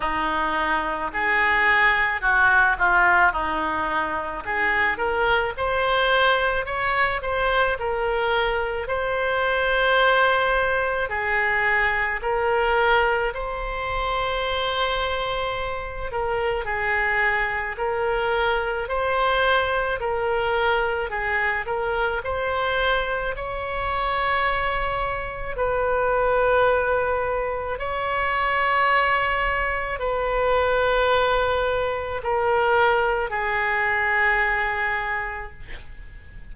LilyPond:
\new Staff \with { instrumentName = "oboe" } { \time 4/4 \tempo 4 = 54 dis'4 gis'4 fis'8 f'8 dis'4 | gis'8 ais'8 c''4 cis''8 c''8 ais'4 | c''2 gis'4 ais'4 | c''2~ c''8 ais'8 gis'4 |
ais'4 c''4 ais'4 gis'8 ais'8 | c''4 cis''2 b'4~ | b'4 cis''2 b'4~ | b'4 ais'4 gis'2 | }